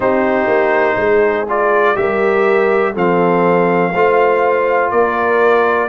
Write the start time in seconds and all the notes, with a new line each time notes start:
0.00 C4 D#4 G4 C5
0.46 A#3
0.96 G#3 G#4
1.48 F4 D5
1.95 G3 G4 A#4 E5
2.92 F3 C4 A4 F5
3.92 A3 F4 C5
4.91 A#3 A#4 D5